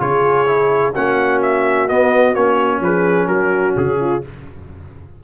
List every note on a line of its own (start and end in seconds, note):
0.00 0.94 C#3
0.00 0.47 F4
0.00 0.93 G#4
0.00 0.94 C#5
0.47 0.94 E4
0.93 1.90 A#3
0.93 1.89 C#4
0.93 2.81 F#4
0.93 1.42 F#5
1.42 1.89 E5
1.89 2.35 B3
1.89 2.35 D#5
2.35 2.80 A#3
2.35 4.22 C#4
2.35 2.82 C#5
2.80 3.27 F3
2.80 3.28 G#4
2.80 3.28 B4
3.28 3.75 F#3
3.28 3.98 F#4
3.28 3.75 A#4
3.77 4.24 C#3
3.77 4.24 G#4
4.00 4.24 F4